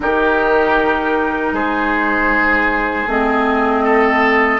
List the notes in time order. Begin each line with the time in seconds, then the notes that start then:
0.00 D#3 D#4 G4 A#4
1.52 G#3 G#4 C5
3.07 A3 C4 D#5
3.83 A4